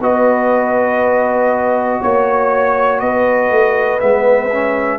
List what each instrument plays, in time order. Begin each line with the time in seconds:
0.00 tuba B3, trombone F#4, horn B4, trumpet D#5
2.00 tuba A#3, horn C#5, trumpet C#5
3.00 tuba B3, horn B4, trumpet D#5
3.50 tuba A3
4.00 tuba G#3, trombone B3, trumpet E5
4.51 trombone C#4